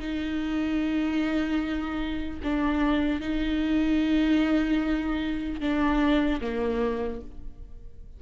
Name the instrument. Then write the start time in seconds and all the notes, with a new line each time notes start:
viola
0.00 D#4
2.44 D4
3.21 D#4
5.61 D4
6.41 A#3